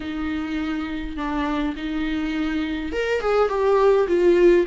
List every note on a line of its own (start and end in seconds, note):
0.00 1.16 D#4
1.17 1.75 D4
1.76 2.92 D#4
2.92 3.20 A#4
3.20 3.48 G#4
3.48 4.07 G4
4.07 4.65 F4